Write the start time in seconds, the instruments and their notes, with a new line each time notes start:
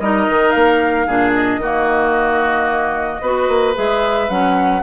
0.00 bassoon G3, clarinet D#4, oboe A#4, flute D#5
0.29 bassoon D#3
0.51 bassoon A#3, flute F5
1.07 bassoon A#2, clarinet D4, oboe G#4
1.35 flute D#5
1.57 bassoon D#3, clarinet A#3, oboe F#4
3.21 bassoon B3, clarinet F#4, oboe B4
3.48 bassoon A#3
3.74 bassoon G#3, clarinet G#4, flute E5
4.29 bassoon F#3, clarinet C#4, flute F#5